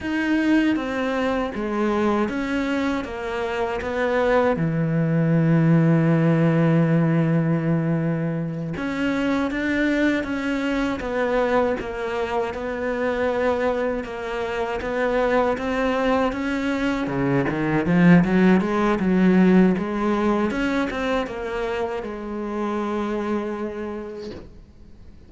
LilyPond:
\new Staff \with { instrumentName = "cello" } { \time 4/4 \tempo 4 = 79 dis'4 c'4 gis4 cis'4 | ais4 b4 e2~ | e2.~ e8 cis'8~ | cis'8 d'4 cis'4 b4 ais8~ |
ais8 b2 ais4 b8~ | b8 c'4 cis'4 cis8 dis8 f8 | fis8 gis8 fis4 gis4 cis'8 c'8 | ais4 gis2. | }